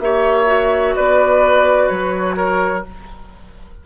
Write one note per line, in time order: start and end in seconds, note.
0.00 0.95 A#3
0.00 0.46 G4
0.00 0.96 C#5
0.00 0.95 E5
0.46 2.85 F#4
0.95 1.90 B3
0.95 2.37 B4
0.95 1.88 D5
1.88 2.86 F#3
1.88 2.84 C#5
2.37 2.84 A#4